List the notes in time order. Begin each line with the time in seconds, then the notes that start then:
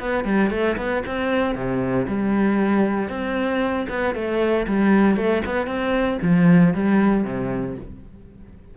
0.00 B3
0.25 G3
0.51 A3
0.77 B3
1.07 C4
1.56 C3
2.08 G3
3.10 C4
3.90 B3
4.15 A3
4.68 G3
5.17 A3
5.46 B3
5.67 C4
6.23 F3
6.74 G3
7.25 C3